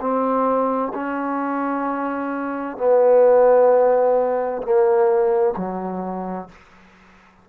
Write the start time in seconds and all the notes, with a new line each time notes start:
0.00 C4
0.94 C#4
2.77 B3
4.62 A#3
5.56 F#3